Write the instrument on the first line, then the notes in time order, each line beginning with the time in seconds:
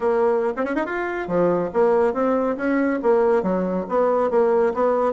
bassoon
0.00 A#3
0.56 C4
0.64 C#4
0.75 D#4
0.85 F4
1.27 F3
1.73 A#3
2.13 C4
2.57 C#4
3.02 A#3
3.42 F#3
3.88 B3
4.30 A#3
4.74 B3